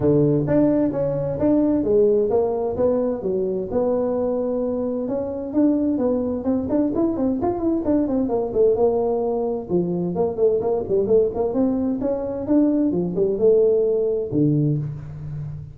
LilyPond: \new Staff \with { instrumentName = "tuba" } { \time 4/4 \tempo 4 = 130 d4 d'4 cis'4 d'4 | gis4 ais4 b4 fis4 | b2. cis'4 | d'4 b4 c'8 d'8 e'8 c'8 |
f'8 e'8 d'8 c'8 ais8 a8 ais4~ | ais4 f4 ais8 a8 ais8 g8 | a8 ais8 c'4 cis'4 d'4 | f8 g8 a2 d4 | }